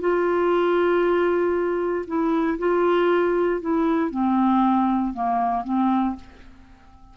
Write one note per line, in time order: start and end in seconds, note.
0.00 2.05 F4
2.07 2.58 E4
2.59 3.61 F4
3.61 4.11 E4
4.11 5.13 C4
5.13 5.64 A#3
5.64 6.15 C4